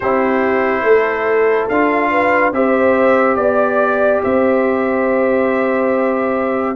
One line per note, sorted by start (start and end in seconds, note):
0.00 0.82 C4
0.00 1.71 E4
0.00 0.82 G4
0.00 1.68 C5
0.82 1.67 A3
0.82 2.11 A4
1.68 2.51 D4
1.68 2.53 F4
1.68 2.53 F5
2.11 2.53 B4
2.51 3.36 C4
2.51 6.75 G4
2.51 3.37 C5
2.51 3.36 E5
3.36 4.20 B3
3.36 4.20 D5
3.36 4.21 D5
4.23 6.75 C4
4.23 6.75 C5
4.23 6.75 E5